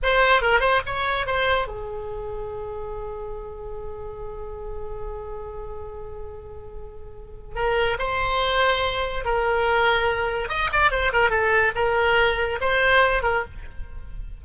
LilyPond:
\new Staff \with { instrumentName = "oboe" } { \time 4/4 \tempo 4 = 143 c''4 ais'8 c''8 cis''4 c''4 | gis'1~ | gis'1~ | gis'1~ |
gis'2 ais'4 c''4~ | c''2 ais'2~ | ais'4 dis''8 d''8 c''8 ais'8 a'4 | ais'2 c''4. ais'8 | }